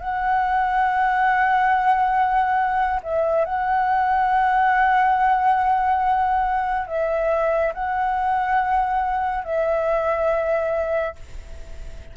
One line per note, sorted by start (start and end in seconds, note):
0.00 3.00 F#5
3.03 3.45 E5
3.45 6.87 F#5
6.87 7.73 E5
7.74 9.44 F#5
9.44 11.15 E5